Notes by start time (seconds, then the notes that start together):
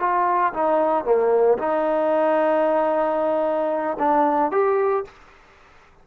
0.00 F4
0.54 D#4
1.05 A#3
1.58 D#4
3.99 D4
4.52 G4